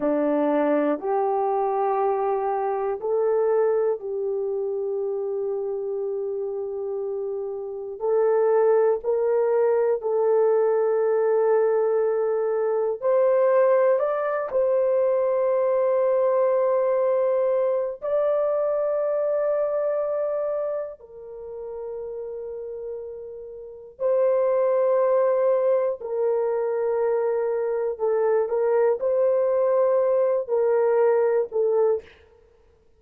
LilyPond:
\new Staff \with { instrumentName = "horn" } { \time 4/4 \tempo 4 = 60 d'4 g'2 a'4 | g'1 | a'4 ais'4 a'2~ | a'4 c''4 d''8 c''4.~ |
c''2 d''2~ | d''4 ais'2. | c''2 ais'2 | a'8 ais'8 c''4. ais'4 a'8 | }